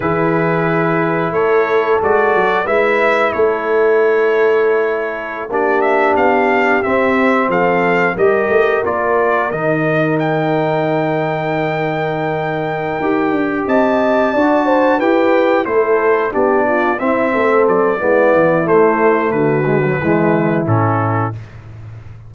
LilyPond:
<<
  \new Staff \with { instrumentName = "trumpet" } { \time 4/4 \tempo 4 = 90 b'2 cis''4 d''4 | e''4 cis''2.~ | cis''16 d''8 e''8 f''4 e''4 f''8.~ | f''16 dis''4 d''4 dis''4 g''8.~ |
g''1~ | g''8 a''2 g''4 c''8~ | c''8 d''4 e''4 d''4. | c''4 b'2 a'4 | }
  \new Staff \with { instrumentName = "horn" } { \time 4/4 gis'2 a'2 | b'4 a'2.~ | a'16 g'2. a'8.~ | a'16 ais'2.~ ais'8.~ |
ais'1~ | ais'8 dis''4 d''8 c''8 b'4 a'8~ | a'8 g'8 f'8 e'8 a'4 e'4~ | e'4 fis'4 e'2 | }
  \new Staff \with { instrumentName = "trombone" } { \time 4/4 e'2. fis'4 | e'1~ | e'16 d'2 c'4.~ c'16~ | c'16 g'4 f'4 dis'4.~ dis'16~ |
dis'2.~ dis'8 g'8~ | g'4. fis'4 g'4 e'8~ | e'8 d'4 c'4. b4 | a4. gis16 fis16 gis4 cis'4 | }
  \new Staff \with { instrumentName = "tuba" } { \time 4/4 e2 a4 gis8 fis8 | gis4 a2.~ | a16 ais4 b4 c'4 f8.~ | f16 g8 a8 ais4 dis4.~ dis16~ |
dis2.~ dis8 dis'8 | d'8 c'4 d'4 e'4 a8~ | a8 b4 c'8 a8 fis8 gis8 e8 | a4 d4 e4 a,4 | }
>>